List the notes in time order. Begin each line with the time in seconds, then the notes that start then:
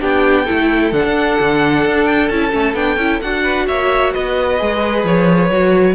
0.00 B3 D4 G4 G5
0.45 A3 E4 A4
0.92 D3 D4 F#5
1.04 D4
1.40 D3
1.85 D4
2.06 G5
2.29 C#4 E4 A5
2.51 A3 C#4
2.74 B3 D4 G5
2.96 C#4 E4
3.21 D4 F#4 F#5
3.43 B4
3.68 A#3 C#5 E5
4.14 B3 B4 D#5
4.59 G#3 G#4
5.04 F3 C#5
5.50 F#3 F#4